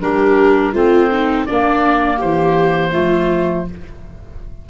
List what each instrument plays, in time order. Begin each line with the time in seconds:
0.00 tuba G3, clarinet D4, viola G4, oboe A#4
0.73 tuba A3, clarinet C4, viola F4, oboe C5
1.12 viola D#4
1.46 tuba A#3, clarinet A#3, viola D4, oboe D5
2.17 tuba E3, viola G4, oboe C5
2.92 tuba F3, clarinet A3, viola F4